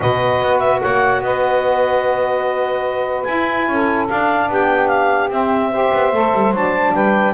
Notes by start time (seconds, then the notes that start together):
0.00 B2 F#4 B4 D#5
0.41 B3
0.59 E5
0.80 A#3 C#5 F#5
1.20 B3 B4 D#5
3.23 E4 G#5
3.68 C#4 A4
4.06 D4 F5
4.48 B3 G4 G5
4.87 F5
5.29 C4 E5
5.70 G4 C5
5.92 B3
6.12 A3 A4
6.33 G3
6.51 F#3 D4 A5
6.93 G3 B4 G5